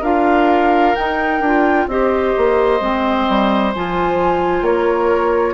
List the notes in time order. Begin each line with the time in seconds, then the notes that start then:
0.00 D4 F4 A#4 F5
0.95 D#4 G5
1.39 D4 F4
1.87 C4 G4 C5 D#5
2.37 A#3
2.80 G#3 C4
3.28 G3
3.73 F3 F4 G#5
4.61 A#3 A#4 C#5